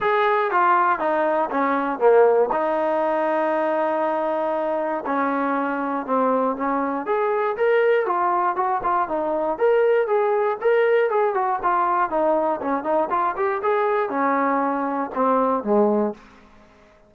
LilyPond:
\new Staff \with { instrumentName = "trombone" } { \time 4/4 \tempo 4 = 119 gis'4 f'4 dis'4 cis'4 | ais4 dis'2.~ | dis'2 cis'2 | c'4 cis'4 gis'4 ais'4 |
f'4 fis'8 f'8 dis'4 ais'4 | gis'4 ais'4 gis'8 fis'8 f'4 | dis'4 cis'8 dis'8 f'8 g'8 gis'4 | cis'2 c'4 gis4 | }